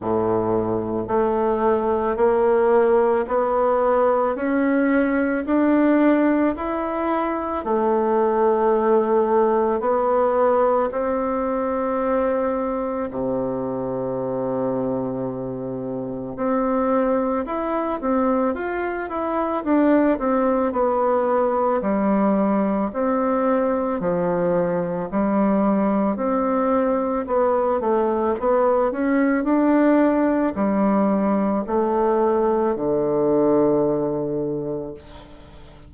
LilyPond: \new Staff \with { instrumentName = "bassoon" } { \time 4/4 \tempo 4 = 55 a,4 a4 ais4 b4 | cis'4 d'4 e'4 a4~ | a4 b4 c'2 | c2. c'4 |
e'8 c'8 f'8 e'8 d'8 c'8 b4 | g4 c'4 f4 g4 | c'4 b8 a8 b8 cis'8 d'4 | g4 a4 d2 | }